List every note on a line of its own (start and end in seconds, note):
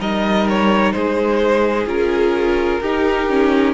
0.00 0.94 G3
0.00 1.87 D#4
0.00 0.95 A#4
0.00 0.48 D#5
0.49 0.93 C#5
0.93 1.86 G#3
0.93 2.82 G#4
0.93 1.86 C5
1.86 2.80 C#4
1.86 2.81 F4
1.86 3.74 A#4
2.81 3.74 D#4
2.81 3.30 D#4
2.81 3.74 G4
3.30 3.74 C#4